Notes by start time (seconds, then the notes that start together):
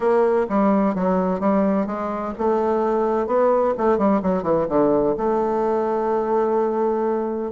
0.00 A#3
0.49 G3
0.94 F#3
1.40 G3
1.86 G#3
2.38 A3
3.27 B3
3.77 A3
3.97 G3
4.22 F#3
4.43 E3
4.68 D3
5.17 A3